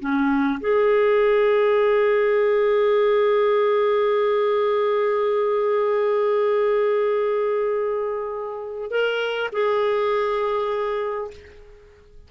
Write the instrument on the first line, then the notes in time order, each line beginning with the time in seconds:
clarinet
0.00 C#4
0.61 G#4
8.91 A#4
9.53 G#4